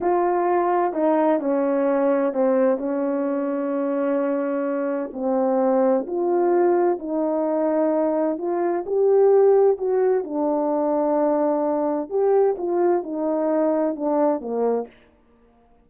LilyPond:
\new Staff \with { instrumentName = "horn" } { \time 4/4 \tempo 4 = 129 f'2 dis'4 cis'4~ | cis'4 c'4 cis'2~ | cis'2. c'4~ | c'4 f'2 dis'4~ |
dis'2 f'4 g'4~ | g'4 fis'4 d'2~ | d'2 g'4 f'4 | dis'2 d'4 ais4 | }